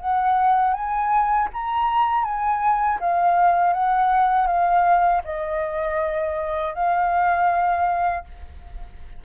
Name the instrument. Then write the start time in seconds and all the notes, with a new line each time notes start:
flute
0.00 F#5
0.74 G#5
1.53 A#5
2.24 G#5
3.00 F5
3.73 F#5
4.47 F5
5.24 D#5
6.74 F5